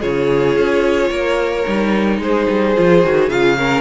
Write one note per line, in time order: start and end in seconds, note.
0.00 0.57 C#3
0.00 1.64 F4
0.00 1.09 G#4
0.00 2.19 C#5
0.57 1.09 C#4
1.09 1.64 A#3
1.09 2.20 A#4
1.67 2.19 G3
1.67 2.76 D#4
2.19 2.46 G#3
2.19 3.58 G#4
2.19 3.29 C5
2.49 2.76 G3
2.76 3.04 F3
2.76 3.02 F4
3.02 3.29 D#3
3.02 3.29 F#4
3.29 3.81 C#3
3.29 3.57 F4
3.29 3.81 F5
3.58 3.81 C#4
3.58 3.81 A#4